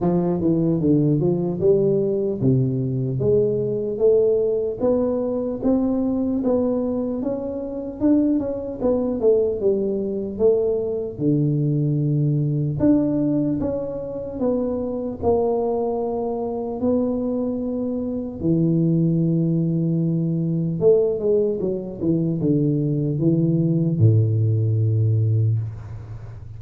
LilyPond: \new Staff \with { instrumentName = "tuba" } { \time 4/4 \tempo 4 = 75 f8 e8 d8 f8 g4 c4 | gis4 a4 b4 c'4 | b4 cis'4 d'8 cis'8 b8 a8 | g4 a4 d2 |
d'4 cis'4 b4 ais4~ | ais4 b2 e4~ | e2 a8 gis8 fis8 e8 | d4 e4 a,2 | }